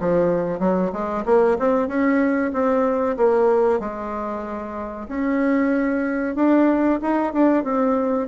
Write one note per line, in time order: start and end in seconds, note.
0.00 0.60 F3
0.60 0.92 F#3
0.93 1.25 G#3
1.26 1.58 A#3
1.59 1.88 C4
1.88 2.52 C#4
2.53 3.17 C4
3.17 3.80 A#3
3.80 5.08 G#3
5.09 6.36 C#4
6.36 7.00 D4
7.02 7.33 D#4
7.33 7.64 D4
7.64 8.28 C4